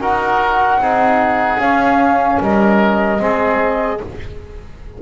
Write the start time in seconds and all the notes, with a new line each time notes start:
0.00 D#4 F#4 A#4 F#5
0.78 C4 D#4 G#4
1.58 C#4 F5
2.40 G3 A#4 D#5
3.18 G#3 C4 G#4